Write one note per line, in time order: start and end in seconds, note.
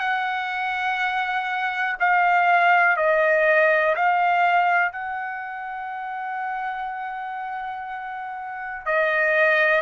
0.00 1.97 F#5
2.00 2.97 F5
2.97 3.95 D#5
3.96 4.93 F5
4.93 8.86 F#5
8.86 9.82 D#5